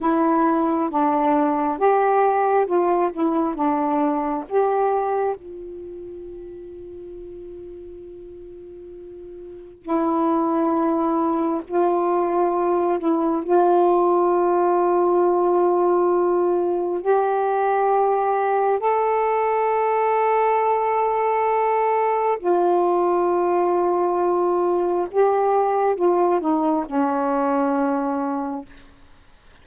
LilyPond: \new Staff \with { instrumentName = "saxophone" } { \time 4/4 \tempo 4 = 67 e'4 d'4 g'4 f'8 e'8 | d'4 g'4 f'2~ | f'2. e'4~ | e'4 f'4. e'8 f'4~ |
f'2. g'4~ | g'4 a'2.~ | a'4 f'2. | g'4 f'8 dis'8 cis'2 | }